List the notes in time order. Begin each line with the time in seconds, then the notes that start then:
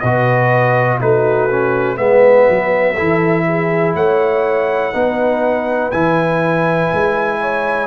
0.00 B2 F#4 B4 D#5
1.00 A3 D#4 F#4 B4
1.50 C#4
1.96 G#3 B3 B4 E5
2.49 F#3
2.93 E3 E4 A4
3.47 G#4
3.95 A3 C#5 F#5
4.93 B3 D#4 B4
5.91 E3 E4 G#5
6.93 G#3
7.40 C#5